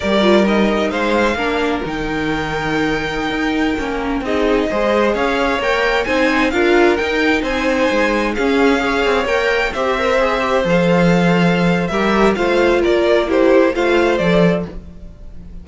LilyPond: <<
  \new Staff \with { instrumentName = "violin" } { \time 4/4 \tempo 4 = 131 d''4 dis''4 f''2 | g''1~ | g''4~ g''16 dis''2 f''8.~ | f''16 g''4 gis''4 f''4 g''8.~ |
g''16 gis''2 f''4.~ f''16~ | f''16 g''4 e''2 f''8.~ | f''2 e''4 f''4 | d''4 c''4 f''4 d''4 | }
  \new Staff \with { instrumentName = "violin" } { \time 4/4 ais'2 c''4 ais'4~ | ais'1~ | ais'4~ ais'16 gis'4 c''4 cis''8.~ | cis''4~ cis''16 c''4 ais'4.~ ais'16~ |
ais'16 c''2 gis'4 cis''8.~ | cis''4~ cis''16 c''2~ c''8.~ | c''2 ais'4 c''4 | ais'4 g'4 c''2 | }
  \new Staff \with { instrumentName = "viola" } { \time 4/4 g'8 f'8 dis'2 d'4 | dis'1~ | dis'16 cis'4 dis'4 gis'4.~ gis'16~ | gis'16 ais'4 dis'4 f'4 dis'8.~ |
dis'2~ dis'16 cis'4 gis'8.~ | gis'16 ais'4 g'8 ais'8 gis'8 g'8 a'8.~ | a'2 g'4 f'4~ | f'4 e'4 f'4 a'4 | }
  \new Staff \with { instrumentName = "cello" } { \time 4/4 g2 gis4 ais4 | dis2.~ dis16 dis'8.~ | dis'16 ais4 c'4 gis4 cis'8.~ | cis'16 ais4 c'4 d'4 dis'8.~ |
dis'16 c'4 gis4 cis'4. c'16~ | c'16 ais4 c'2 f8.~ | f2 g4 a4 | ais2 a4 f4 | }
>>